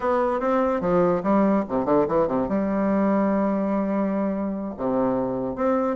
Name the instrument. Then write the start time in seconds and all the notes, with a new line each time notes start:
bassoon
0.00 B3
0.40 C4
0.80 F3
1.23 G3
1.68 C3
1.85 D3
2.08 E3
2.27 C3
2.48 G3
4.77 C3
5.55 C4